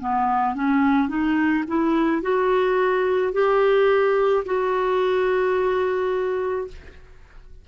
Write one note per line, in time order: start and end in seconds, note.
0.00 0.55 B3
0.55 1.09 C#4
1.09 1.64 D#4
1.68 2.22 E4
2.22 3.33 F#4
3.33 4.44 G4
4.45 6.68 F#4